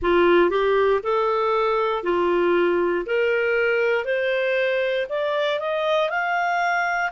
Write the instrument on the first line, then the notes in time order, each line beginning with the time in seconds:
clarinet
0.01 F4
0.49 G4
1.03 A4
2.03 F4
3.06 A#4
4.04 C5
5.08 D5
5.59 D#5
6.09 F5